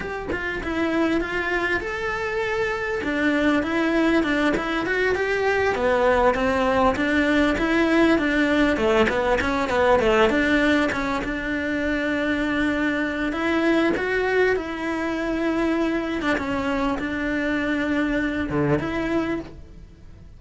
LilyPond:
\new Staff \with { instrumentName = "cello" } { \time 4/4 \tempo 4 = 99 g'8 f'8 e'4 f'4 a'4~ | a'4 d'4 e'4 d'8 e'8 | fis'8 g'4 b4 c'4 d'8~ | d'8 e'4 d'4 a8 b8 cis'8 |
b8 a8 d'4 cis'8 d'4.~ | d'2 e'4 fis'4 | e'2~ e'8. d'16 cis'4 | d'2~ d'8 d8 e'4 | }